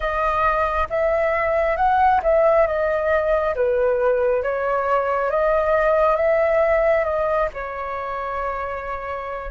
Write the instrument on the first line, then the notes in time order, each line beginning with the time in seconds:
flute
0.00 D#5
0.89 E5
1.76 F#5
2.22 E5
2.66 D#5
3.55 B4
4.42 C#5
5.30 D#5
6.16 E5
7.04 D#5
7.53 C#5